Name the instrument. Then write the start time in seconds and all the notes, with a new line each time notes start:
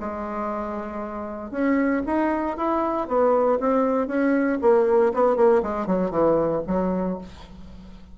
bassoon
0.00 G#3
1.51 C#4
2.07 D#4
2.57 E4
3.08 B3
3.60 C4
4.07 C#4
4.62 A#3
5.14 B3
5.37 A#3
5.63 G#3
5.87 F#3
6.11 E3
6.67 F#3